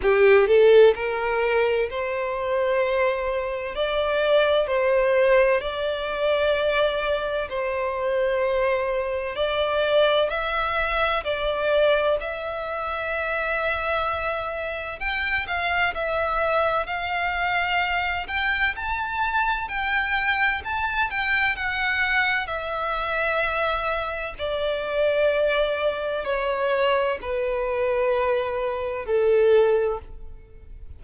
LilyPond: \new Staff \with { instrumentName = "violin" } { \time 4/4 \tempo 4 = 64 g'8 a'8 ais'4 c''2 | d''4 c''4 d''2 | c''2 d''4 e''4 | d''4 e''2. |
g''8 f''8 e''4 f''4. g''8 | a''4 g''4 a''8 g''8 fis''4 | e''2 d''2 | cis''4 b'2 a'4 | }